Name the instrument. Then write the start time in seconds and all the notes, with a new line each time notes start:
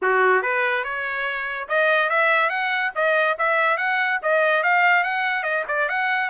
trumpet
0.02 F#4
0.42 B4
0.84 C#5
1.68 D#5
2.09 E5
2.49 F#5
2.95 D#5
3.38 E5
3.77 F#5
4.22 D#5
4.63 F5
5.03 F#5
5.43 D#5
5.68 D5
5.88 F#5